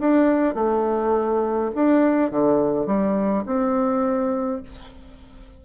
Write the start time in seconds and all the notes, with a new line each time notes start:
0.00 D4
0.54 A3
1.74 D4
2.31 D3
2.86 G3
3.46 C4